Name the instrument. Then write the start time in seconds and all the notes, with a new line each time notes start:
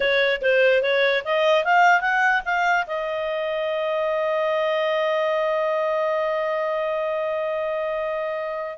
clarinet
0.00 C#5
0.41 C5
0.82 C#5
1.24 D#5
1.64 F5
2.01 F#5
2.45 F5
2.86 D#5